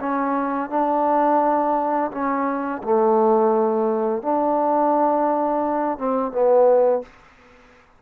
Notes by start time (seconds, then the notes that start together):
0.00 C#4
0.70 D4
2.12 C#4
2.84 A3
4.22 D4
5.99 C4
6.32 B3